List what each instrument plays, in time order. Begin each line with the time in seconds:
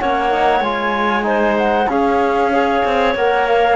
0.00 cello A#3, trombone C#4, clarinet C#5, flute F#5
0.31 trombone D#4
0.61 cello G#3, trombone F4, flute G#5
1.23 trombone D#4, clarinet C5
1.58 flute F#5
1.89 cello C#4, trombone C#4, clarinet G#4, flute F5
2.53 trombone G#4, clarinet C#5
2.85 cello C4
3.15 cello A#3, trombone A#4, flute F#5
3.48 flute F5